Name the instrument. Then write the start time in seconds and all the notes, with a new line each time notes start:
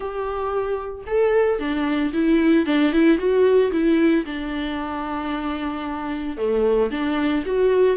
viola
0.00 G4
1.06 A4
1.59 D4
2.13 E4
2.65 D4
2.92 E4
3.18 F#4
3.71 E4
4.25 D4
6.37 A3
6.90 D4
7.45 F#4